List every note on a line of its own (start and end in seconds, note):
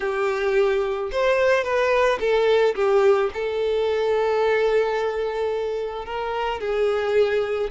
0.00 1.10 G4
1.11 1.63 C5
1.63 2.18 B4
2.19 2.74 A4
2.75 3.30 G4
3.33 6.05 A4
6.05 6.60 A#4
6.60 7.70 G#4